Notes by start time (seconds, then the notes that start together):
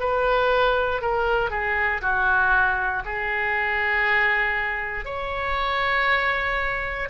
0.00 B4
1.02 A#4
1.50 G#4
2.02 F#4
3.05 G#4
5.05 C#5